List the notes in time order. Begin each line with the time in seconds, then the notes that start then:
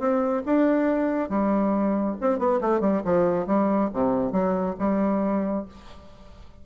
0.00 C4
0.46 D4
1.30 G3
2.21 C4
2.39 B3
2.62 A3
2.81 G3
3.05 F3
3.47 G3
3.94 C3
4.33 F#3
4.80 G3